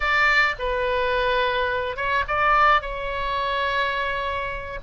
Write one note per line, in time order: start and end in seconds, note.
0.00 0.55 D5
0.58 1.96 B4
1.96 2.24 C#5
2.27 2.81 D5
2.81 4.79 C#5